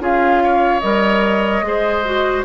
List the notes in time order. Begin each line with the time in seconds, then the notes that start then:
0.00 C#4 F4 G#4 F5
0.44 C#5
0.80 G3 A#4 D#5
1.62 G#3 G#4 C5
2.05 F#4